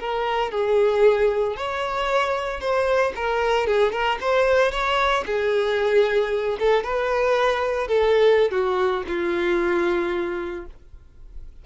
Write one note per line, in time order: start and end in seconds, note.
0.00 0.52 A#4
0.52 1.57 G#4
1.57 2.61 C#5
2.61 3.13 C5
3.16 3.67 A#4
3.67 3.92 G#4
3.92 4.18 A#4
4.21 4.72 C5
4.72 5.24 C#5
5.26 6.58 G#4
6.60 6.84 A4
6.84 7.88 B4
7.88 8.51 A4
8.51 9.04 F#4
9.08 10.66 F4